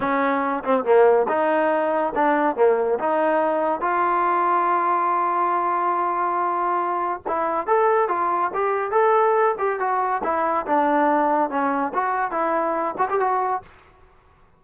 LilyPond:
\new Staff \with { instrumentName = "trombone" } { \time 4/4 \tempo 4 = 141 cis'4. c'8 ais4 dis'4~ | dis'4 d'4 ais4 dis'4~ | dis'4 f'2.~ | f'1~ |
f'4 e'4 a'4 f'4 | g'4 a'4. g'8 fis'4 | e'4 d'2 cis'4 | fis'4 e'4. fis'16 g'16 fis'4 | }